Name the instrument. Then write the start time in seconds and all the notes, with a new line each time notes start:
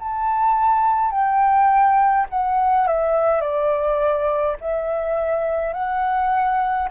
flute
0.00 A5
1.12 G5
2.30 F#5
2.87 E5
3.41 D5
4.61 E5
5.74 F#5